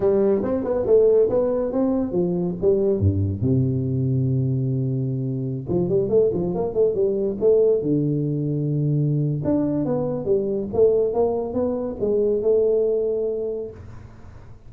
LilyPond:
\new Staff \with { instrumentName = "tuba" } { \time 4/4 \tempo 4 = 140 g4 c'8 b8 a4 b4 | c'4 f4 g4 g,4 | c1~ | c4~ c16 f8 g8 a8 f8 ais8 a16~ |
a16 g4 a4 d4.~ d16~ | d2 d'4 b4 | g4 a4 ais4 b4 | gis4 a2. | }